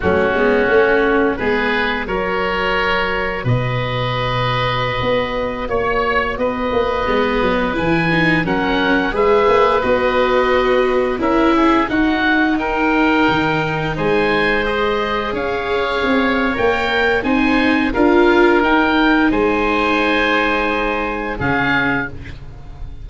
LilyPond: <<
  \new Staff \with { instrumentName = "oboe" } { \time 4/4 \tempo 4 = 87 fis'2 b'4 cis''4~ | cis''4 dis''2.~ | dis''16 cis''4 dis''2 gis''8.~ | gis''16 fis''4 e''4 dis''4.~ dis''16~ |
dis''16 e''4 fis''4 g''4.~ g''16~ | g''16 gis''4 dis''4 f''4.~ f''16 | g''4 gis''4 f''4 g''4 | gis''2. f''4 | }
  \new Staff \with { instrumentName = "oboe" } { \time 4/4 cis'2 gis'4 ais'4~ | ais'4 b'2.~ | b'16 cis''4 b'2~ b'8.~ | b'16 ais'4 b'2~ b'8.~ |
b'16 ais'8 gis'8 fis'4 ais'4.~ ais'16~ | ais'16 c''2 cis''4.~ cis''16~ | cis''4 c''4 ais'2 | c''2. gis'4 | }
  \new Staff \with { instrumentName = "viola" } { \time 4/4 a8 b8 cis'4 b4 fis'4~ | fis'1~ | fis'2~ fis'16 b4 e'8 dis'16~ | dis'16 cis'4 gis'4 fis'4.~ fis'16~ |
fis'16 e'4 dis'2~ dis'8.~ | dis'4~ dis'16 gis'2~ gis'8. | ais'4 dis'4 f'4 dis'4~ | dis'2. cis'4 | }
  \new Staff \with { instrumentName = "tuba" } { \time 4/4 fis8 gis8 a4 gis4 fis4~ | fis4 b,2~ b,16 b8.~ | b16 ais4 b8 ais8 gis8 fis8 e8.~ | e16 fis4 gis8 ais8 b4.~ b16~ |
b16 cis'4 dis'2 dis8.~ | dis16 gis2 cis'4 c'8. | ais4 c'4 d'4 dis'4 | gis2. cis4 | }
>>